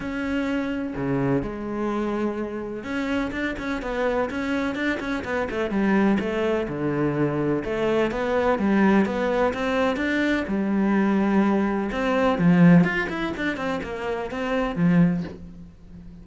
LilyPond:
\new Staff \with { instrumentName = "cello" } { \time 4/4 \tempo 4 = 126 cis'2 cis4 gis4~ | gis2 cis'4 d'8 cis'8 | b4 cis'4 d'8 cis'8 b8 a8 | g4 a4 d2 |
a4 b4 g4 b4 | c'4 d'4 g2~ | g4 c'4 f4 f'8 e'8 | d'8 c'8 ais4 c'4 f4 | }